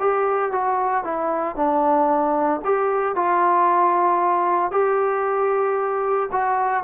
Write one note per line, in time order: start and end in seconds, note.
0.00 0.52 G4
0.52 1.05 F#4
1.05 1.56 E4
1.56 2.61 D4
2.65 3.16 G4
3.16 4.72 F4
4.72 6.30 G4
6.32 6.84 F#4